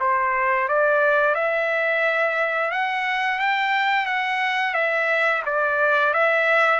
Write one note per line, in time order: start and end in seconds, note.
0.00 0.68 C5
0.68 1.35 D5
1.35 2.71 E5
2.71 3.39 F#5
3.39 4.06 G5
4.06 4.74 F#5
4.74 5.42 E5
5.45 6.14 D5
6.14 6.80 E5